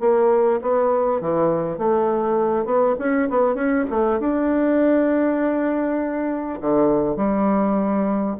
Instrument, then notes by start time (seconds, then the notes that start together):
bassoon
0.00 A#3
0.61 B3
1.21 E3
1.78 A3
2.65 B3
2.99 C#4
3.29 B3
3.55 C#4
3.90 A3
4.19 D4
6.61 D3
7.16 G3